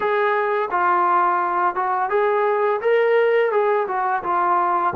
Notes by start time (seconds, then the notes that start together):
0.00 G#4
0.71 F4
1.75 F#4
2.09 G#4
2.81 A#4
3.51 G#4
3.87 F#4
4.23 F4